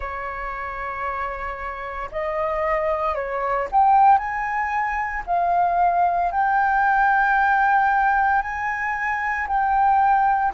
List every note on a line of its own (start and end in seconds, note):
0.00 2.09 C#5
2.11 3.14 D#5
3.14 3.67 C#5
3.71 4.18 G5
4.18 5.23 G#5
5.26 6.31 F5
6.31 8.42 G5
8.42 9.47 G#5
9.47 10.53 G5